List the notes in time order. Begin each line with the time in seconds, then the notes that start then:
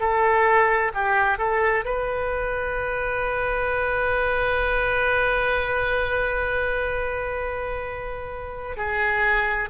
0.00 A4
0.94 G4
1.38 A4
1.85 B4
8.77 G#4